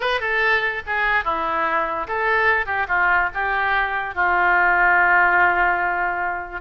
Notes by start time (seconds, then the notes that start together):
0.00 B4
0.20 A4
0.86 G#4
1.24 E4
2.07 A4
2.66 G4
2.88 F4
3.34 G4
4.14 F4